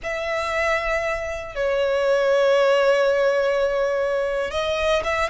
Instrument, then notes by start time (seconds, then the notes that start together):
violin
0.03 E5
1.55 C#5
4.50 D#5
5.03 E5